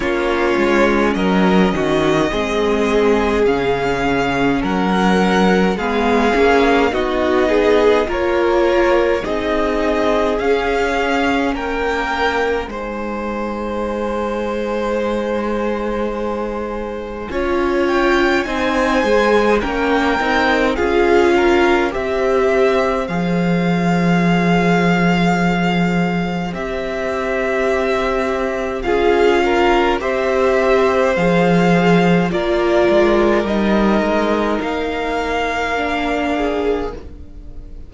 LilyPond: <<
  \new Staff \with { instrumentName = "violin" } { \time 4/4 \tempo 4 = 52 cis''4 dis''2 f''4 | fis''4 f''4 dis''4 cis''4 | dis''4 f''4 g''4 gis''4~ | gis''2.~ gis''8 g''8 |
gis''4 g''4 f''4 e''4 | f''2. e''4~ | e''4 f''4 e''4 f''4 | d''4 dis''4 f''2 | }
  \new Staff \with { instrumentName = "violin" } { \time 4/4 f'4 ais'8 fis'8 gis'2 | ais'4 gis'4 fis'8 gis'8 ais'4 | gis'2 ais'4 c''4~ | c''2. cis''4 |
c''4 ais'4 gis'8 ais'8 c''4~ | c''1~ | c''4 gis'8 ais'8 c''2 | ais'2.~ ais'8 gis'8 | }
  \new Staff \with { instrumentName = "viola" } { \time 4/4 cis'2 c'4 cis'4~ | cis'4 b8 cis'8 dis'4 f'4 | dis'4 cis'2 dis'4~ | dis'2. f'4 |
dis'8 gis'8 cis'8 dis'8 f'4 g'4 | gis'2. g'4~ | g'4 f'4 g'4 gis'4 | f'4 dis'2 d'4 | }
  \new Staff \with { instrumentName = "cello" } { \time 4/4 ais8 gis8 fis8 dis8 gis4 cis4 | fis4 gis8 ais8 b4 ais4 | c'4 cis'4 ais4 gis4~ | gis2. cis'4 |
c'8 gis8 ais8 c'8 cis'4 c'4 | f2. c'4~ | c'4 cis'4 c'4 f4 | ais8 gis8 g8 gis8 ais2 | }
>>